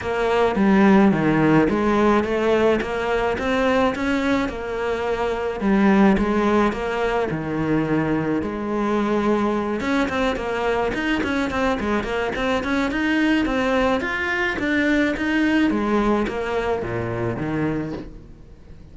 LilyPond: \new Staff \with { instrumentName = "cello" } { \time 4/4 \tempo 4 = 107 ais4 g4 dis4 gis4 | a4 ais4 c'4 cis'4 | ais2 g4 gis4 | ais4 dis2 gis4~ |
gis4. cis'8 c'8 ais4 dis'8 | cis'8 c'8 gis8 ais8 c'8 cis'8 dis'4 | c'4 f'4 d'4 dis'4 | gis4 ais4 ais,4 dis4 | }